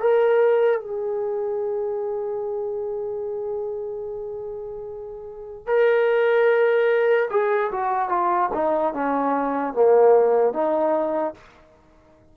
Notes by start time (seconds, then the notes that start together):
0.00 A#4
0.80 G#4
5.66 A#4
7.30 G#4
7.71 F#4
8.09 F4
8.53 D#4
8.93 C#4
9.73 A#3
10.53 D#4